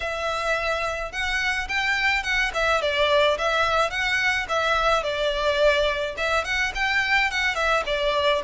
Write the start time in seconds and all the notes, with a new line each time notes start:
0.00 E5
1.12 F#5
1.68 G5
2.23 F#5
2.54 E5
2.81 D5
3.37 E5
3.90 F#5
4.48 E5
5.03 D5
6.17 E5
6.44 F#5
6.74 G5
7.30 F#5
7.55 E5
7.86 D5